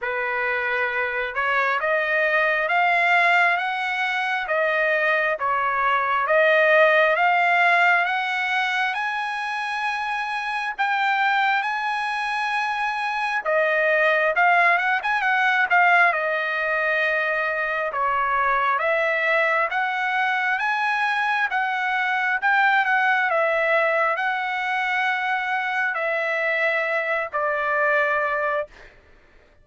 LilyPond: \new Staff \with { instrumentName = "trumpet" } { \time 4/4 \tempo 4 = 67 b'4. cis''8 dis''4 f''4 | fis''4 dis''4 cis''4 dis''4 | f''4 fis''4 gis''2 | g''4 gis''2 dis''4 |
f''8 fis''16 gis''16 fis''8 f''8 dis''2 | cis''4 e''4 fis''4 gis''4 | fis''4 g''8 fis''8 e''4 fis''4~ | fis''4 e''4. d''4. | }